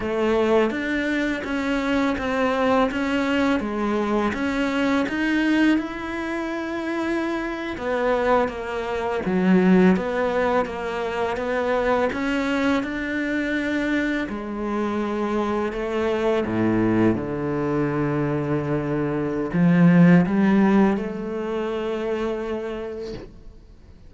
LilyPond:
\new Staff \with { instrumentName = "cello" } { \time 4/4 \tempo 4 = 83 a4 d'4 cis'4 c'4 | cis'4 gis4 cis'4 dis'4 | e'2~ e'8. b4 ais16~ | ais8. fis4 b4 ais4 b16~ |
b8. cis'4 d'2 gis16~ | gis4.~ gis16 a4 a,4 d16~ | d2. f4 | g4 a2. | }